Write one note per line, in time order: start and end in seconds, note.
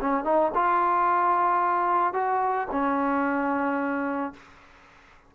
0.00 0.24 C#4
0.24 0.51 D#4
0.54 2.13 F4
2.13 2.67 F#4
2.71 4.33 C#4